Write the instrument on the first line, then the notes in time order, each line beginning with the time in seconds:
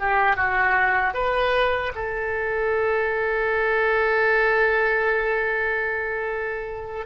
oboe
0.00 G4
0.37 F#4
1.14 B4
1.96 A4